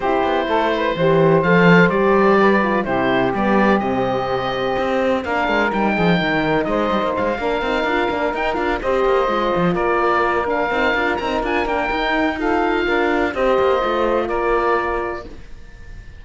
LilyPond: <<
  \new Staff \with { instrumentName = "oboe" } { \time 4/4 \tempo 4 = 126 c''2. f''4 | d''2 c''4 d''4 | dis''2. f''4 | g''2 dis''4 f''4~ |
f''4. g''8 f''8 dis''4.~ | dis''8 d''4. f''4. ais''8 | gis''8 g''4. f''2 | dis''2 d''2 | }
  \new Staff \with { instrumentName = "saxophone" } { \time 4/4 g'4 a'8 b'8 c''2~ | c''4 b'4 g'2~ | g'2. ais'4~ | ais'8 gis'8 ais'4 c''4. ais'8~ |
ais'2~ ais'8 c''4.~ | c''8 ais'2.~ ais'8~ | ais'2 a'4 ais'4 | c''2 ais'2 | }
  \new Staff \with { instrumentName = "horn" } { \time 4/4 e'2 g'4 a'4 | g'4. f'8 e'4 b4 | c'2. d'4 | dis'2.~ dis'8 d'8 |
dis'8 f'8 d'8 dis'8 f'8 g'4 f'8~ | f'2 d'8 dis'8 f'8 dis'8 | f'8 d'8 dis'4 f'2 | g'4 f'2. | }
  \new Staff \with { instrumentName = "cello" } { \time 4/4 c'8 b8 a4 e4 f4 | g2 c4 g4 | c2 c'4 ais8 gis8 | g8 f8 dis4 gis8 g16 ais16 gis8 ais8 |
c'8 d'8 ais8 dis'8 d'8 c'8 ais8 gis8 | f8 ais2 c'8 d'8 c'8 | d'8 ais8 dis'2 d'4 | c'8 ais8 a4 ais2 | }
>>